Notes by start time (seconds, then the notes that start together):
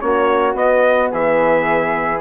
0.00 A#3 C#4 F#4 C#5
0.54 B3 D#5
1.12 E3 G#4 E5